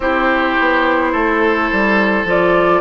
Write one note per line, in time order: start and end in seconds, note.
0.00 0.56 C4
0.00 2.26 E4
0.00 1.12 G4
0.00 2.26 C5
0.59 1.13 B3
1.12 1.70 A3
1.12 2.80 A4
1.72 2.24 G3
2.24 2.80 F3
2.24 2.80 F4
2.24 2.80 D5